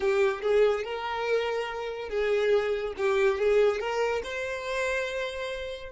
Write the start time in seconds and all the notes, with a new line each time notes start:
0.00 G4
0.41 G#4
0.84 A#4
2.09 G#4
2.97 G4
3.38 G#4
3.80 A#4
4.23 C5